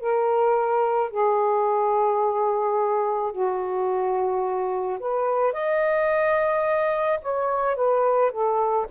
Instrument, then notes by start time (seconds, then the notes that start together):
saxophone
0.00 A#4
1.11 G#4
3.32 F#4
5.00 B4
5.53 D#5
7.22 C#5
7.76 B4
8.31 A4